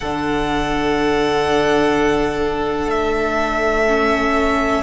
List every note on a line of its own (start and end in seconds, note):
0.00 2.86 D3
0.00 3.87 D4
0.00 4.82 A4
0.00 2.90 F#5
2.86 4.79 A3
2.86 4.82 E5
3.87 4.82 C#4